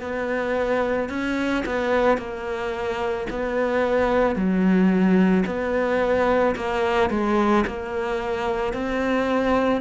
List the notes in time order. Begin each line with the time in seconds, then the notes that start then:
0.00 B3
1.09 C#4
1.65 B3
2.17 A#3
3.29 B3
4.35 F#3
5.45 B3
6.55 A#3
7.10 G#3
7.67 A#3
8.73 C4